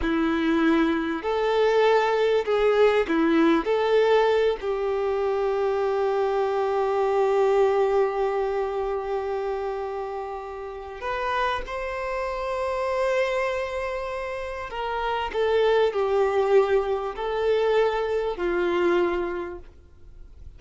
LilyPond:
\new Staff \with { instrumentName = "violin" } { \time 4/4 \tempo 4 = 98 e'2 a'2 | gis'4 e'4 a'4. g'8~ | g'1~ | g'1~ |
g'2 b'4 c''4~ | c''1 | ais'4 a'4 g'2 | a'2 f'2 | }